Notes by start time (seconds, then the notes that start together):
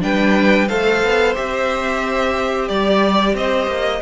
0.00 G3 D4 B4 G5
0.68 A3 A4 C5 F5
1.03 B3
1.34 C4 G4 E5
2.68 G3 D5
3.34 C4 C5 D#5
3.67 A#3